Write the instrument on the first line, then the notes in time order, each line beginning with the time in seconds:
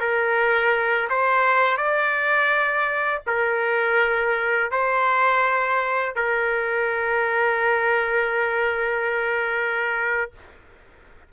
trumpet
0.00 A#4
1.10 C5
1.77 D5
3.27 A#4
4.72 C5
6.16 A#4